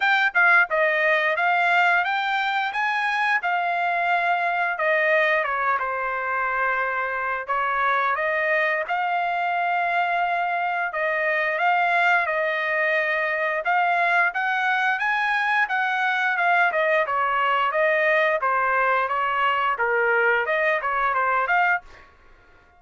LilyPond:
\new Staff \with { instrumentName = "trumpet" } { \time 4/4 \tempo 4 = 88 g''8 f''8 dis''4 f''4 g''4 | gis''4 f''2 dis''4 | cis''8 c''2~ c''8 cis''4 | dis''4 f''2. |
dis''4 f''4 dis''2 | f''4 fis''4 gis''4 fis''4 | f''8 dis''8 cis''4 dis''4 c''4 | cis''4 ais'4 dis''8 cis''8 c''8 f''8 | }